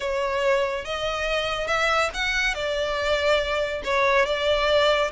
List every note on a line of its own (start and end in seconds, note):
0.00 0.84 C#5
0.84 1.67 D#5
1.67 2.09 E5
2.14 2.54 F#5
2.54 3.82 D5
3.84 4.25 C#5
4.25 5.10 D5